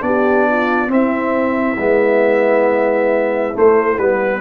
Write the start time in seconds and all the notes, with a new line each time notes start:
0.00 B3 D4 G4 D5
0.49 F4
0.88 C4 E4 E5
1.78 G#3 B3
3.54 A3 C5
3.98 G3 B3 B4